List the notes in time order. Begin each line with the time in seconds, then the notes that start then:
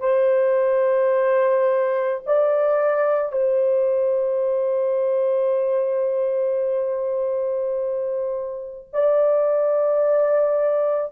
0.00 C5
2.26 D5
3.32 C5
8.93 D5